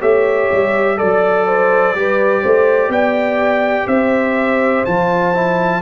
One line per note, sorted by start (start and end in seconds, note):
0.00 0.50 A3
0.00 0.97 G4
0.00 0.97 C#5
0.00 0.98 E5
0.52 1.00 G3
0.97 1.95 F#3
0.97 1.94 A4
0.97 2.92 D5
0.97 1.47 D5
1.47 1.95 C5
1.95 2.44 G3
1.95 4.86 G4
1.95 2.42 B4
2.42 2.89 A3
2.42 2.90 C5
2.89 3.86 B3
2.89 3.87 D5
2.89 3.88 G5
3.87 4.84 C4
3.87 5.82 C5
3.87 4.85 E5
4.85 5.82 F3
4.85 5.34 F4
4.85 5.82 A5
5.34 5.82 E4